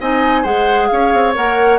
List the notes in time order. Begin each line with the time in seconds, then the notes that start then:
0.00 C4 D#4 D#5 G#5
0.42 G#3 G#4 C5 F#5
0.88 C#4 C#5 F5
1.13 C4
1.35 A#3 A#4 F#5